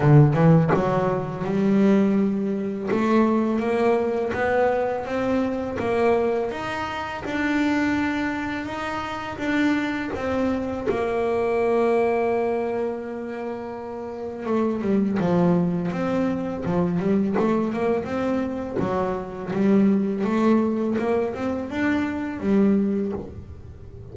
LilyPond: \new Staff \with { instrumentName = "double bass" } { \time 4/4 \tempo 4 = 83 d8 e8 fis4 g2 | a4 ais4 b4 c'4 | ais4 dis'4 d'2 | dis'4 d'4 c'4 ais4~ |
ais1 | a8 g8 f4 c'4 f8 g8 | a8 ais8 c'4 fis4 g4 | a4 ais8 c'8 d'4 g4 | }